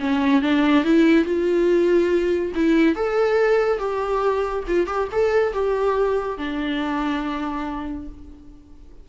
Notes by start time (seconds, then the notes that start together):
0.00 C#4
0.42 D4
0.84 E4
1.25 F4
2.55 E4
2.96 A4
3.79 G4
4.68 F4
4.87 G4
5.12 A4
5.53 G4
6.38 D4